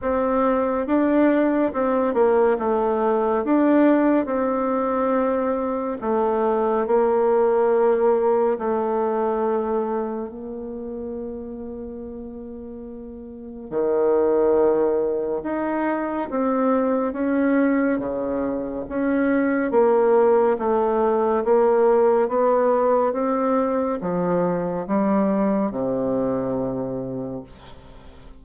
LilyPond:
\new Staff \with { instrumentName = "bassoon" } { \time 4/4 \tempo 4 = 70 c'4 d'4 c'8 ais8 a4 | d'4 c'2 a4 | ais2 a2 | ais1 |
dis2 dis'4 c'4 | cis'4 cis4 cis'4 ais4 | a4 ais4 b4 c'4 | f4 g4 c2 | }